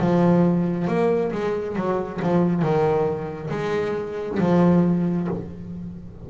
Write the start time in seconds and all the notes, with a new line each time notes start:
0.00 F3
0.87 A#3
1.32 G#3
1.76 F#3
2.22 F3
2.62 D#3
3.50 G#3
4.39 F3